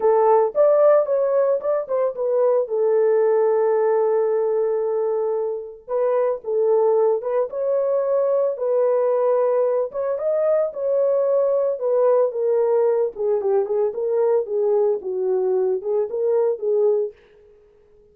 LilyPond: \new Staff \with { instrumentName = "horn" } { \time 4/4 \tempo 4 = 112 a'4 d''4 cis''4 d''8 c''8 | b'4 a'2.~ | a'2. b'4 | a'4. b'8 cis''2 |
b'2~ b'8 cis''8 dis''4 | cis''2 b'4 ais'4~ | ais'8 gis'8 g'8 gis'8 ais'4 gis'4 | fis'4. gis'8 ais'4 gis'4 | }